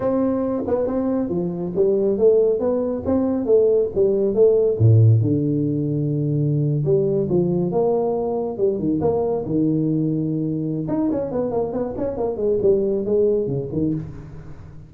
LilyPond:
\new Staff \with { instrumentName = "tuba" } { \time 4/4 \tempo 4 = 138 c'4. b8 c'4 f4 | g4 a4 b4 c'4 | a4 g4 a4 a,4 | d2.~ d8. g16~ |
g8. f4 ais2 g16~ | g16 dis8 ais4 dis2~ dis16~ | dis4 dis'8 cis'8 b8 ais8 b8 cis'8 | ais8 gis8 g4 gis4 cis8 dis8 | }